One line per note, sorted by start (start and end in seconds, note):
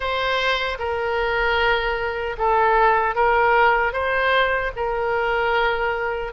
0.00 0.78 C5
0.78 2.36 A#4
2.38 3.15 A4
3.15 3.92 A#4
3.92 4.71 C5
4.76 6.32 A#4